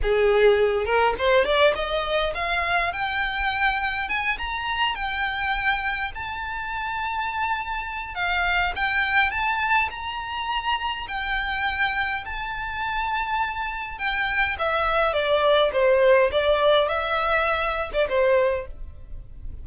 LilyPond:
\new Staff \with { instrumentName = "violin" } { \time 4/4 \tempo 4 = 103 gis'4. ais'8 c''8 d''8 dis''4 | f''4 g''2 gis''8 ais''8~ | ais''8 g''2 a''4.~ | a''2 f''4 g''4 |
a''4 ais''2 g''4~ | g''4 a''2. | g''4 e''4 d''4 c''4 | d''4 e''4.~ e''16 d''16 c''4 | }